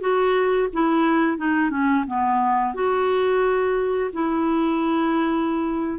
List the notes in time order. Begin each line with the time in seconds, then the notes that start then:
0.00 F#4
0.73 E4
1.38 D#4
1.70 C#4
2.07 B3
2.74 F#4
4.13 E4